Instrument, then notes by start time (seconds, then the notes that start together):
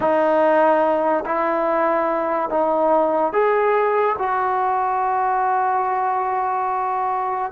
trombone
0.00 D#4
1.25 E4
2.49 D#4
3.33 G#4
4.18 F#4